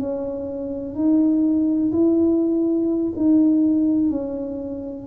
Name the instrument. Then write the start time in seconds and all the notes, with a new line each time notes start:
tuba
0.00 C#4
0.95 D#4
1.93 E4
3.16 D#4
4.10 C#4